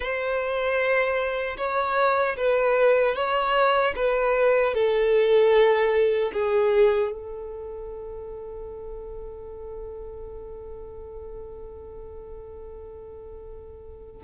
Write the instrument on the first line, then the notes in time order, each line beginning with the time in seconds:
violin
0.00 C5
1.57 C#5
2.36 B4
3.15 C#5
3.95 B4
4.74 A4
6.32 G#4
7.11 A4